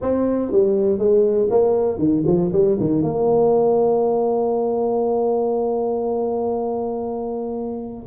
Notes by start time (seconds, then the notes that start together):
0.01 C4
0.51 G3
0.98 G#3
1.50 A#3
1.98 D#3
2.26 F3
2.52 G3
2.80 D#3
3.02 A#3